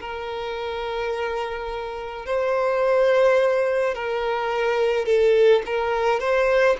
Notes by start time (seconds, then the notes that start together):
0.00 A#4
2.25 C5
3.94 A#4
5.05 A4
5.66 A#4
6.19 C5